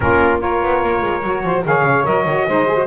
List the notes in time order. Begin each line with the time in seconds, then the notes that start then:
0.00 A#3 C#4 F4 A#4
0.39 F4 A#4 C#5
0.62 B3
0.83 A#3
1.02 G#3
1.22 F#3 F#4
1.42 F3 C5
1.63 D#3 G#4 C#5 F5
1.81 C#3
2.04 F#3 A#4 D#5
2.24 D#3 F#4
2.47 G#3 D#4 C5
2.67 G#4
2.75 F#4